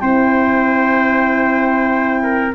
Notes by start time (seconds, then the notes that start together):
0.00 C4 E4 C5 G5
2.23 A#4